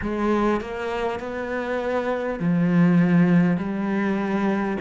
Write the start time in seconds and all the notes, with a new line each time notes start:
0.01 G#3
0.60 A#3
1.19 B3
2.39 F3
3.57 G3